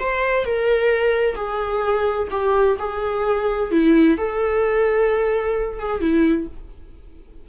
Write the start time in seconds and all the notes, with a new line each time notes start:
0.00 C5
0.45 A#4
1.36 G#4
2.31 G4
2.79 G#4
3.71 E4
4.18 A4
5.79 G#4
6.01 E4